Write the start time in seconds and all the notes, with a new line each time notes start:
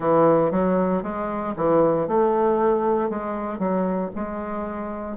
0.00 E3
0.51 F#3
1.03 G#3
1.56 E3
2.07 A3
3.09 G#3
3.58 F#3
4.15 G#3